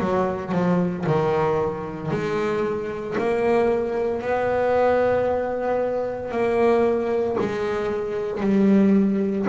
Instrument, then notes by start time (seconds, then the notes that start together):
double bass
0.00 F#3
0.52 F3
1.06 D#3
2.11 G#3
3.18 A#3
4.22 B3
6.31 A#3
7.40 G#3
8.41 G3